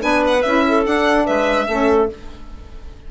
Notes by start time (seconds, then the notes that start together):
0.00 B3 D4 B4 G#5
0.27 F#5
0.42 C#4 E4 E5
0.68 A4
0.85 D4 F#5
1.26 G#3 B4 E5
1.68 A3 C#4 A4